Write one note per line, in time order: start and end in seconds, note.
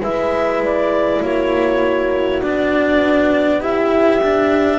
0.00 1.20 G#3
0.00 2.41 E4
0.00 1.21 B4
0.00 0.62 E5
0.63 1.23 D5
1.21 2.41 A#3
1.21 3.59 F#4
1.21 2.42 C#5
2.41 4.79 B3
2.41 3.60 D4
2.41 3.61 D5
3.59 4.20 E4
3.59 4.79 G4
3.59 4.79 E5
4.23 4.79 D4